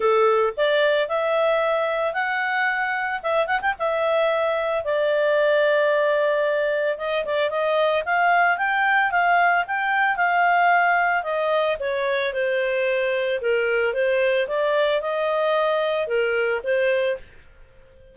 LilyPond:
\new Staff \with { instrumentName = "clarinet" } { \time 4/4 \tempo 4 = 112 a'4 d''4 e''2 | fis''2 e''8 fis''16 g''16 e''4~ | e''4 d''2.~ | d''4 dis''8 d''8 dis''4 f''4 |
g''4 f''4 g''4 f''4~ | f''4 dis''4 cis''4 c''4~ | c''4 ais'4 c''4 d''4 | dis''2 ais'4 c''4 | }